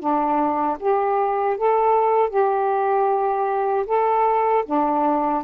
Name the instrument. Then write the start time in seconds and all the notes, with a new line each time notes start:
saxophone
0.00 D4
0.80 G4
1.58 A4
2.30 G4
3.87 A4
4.66 D4